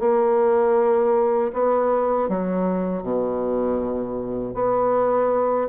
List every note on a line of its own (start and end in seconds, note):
0.00 1.52 A#3
1.53 2.29 B3
2.29 3.02 F#3
3.02 4.54 B2
4.54 5.68 B3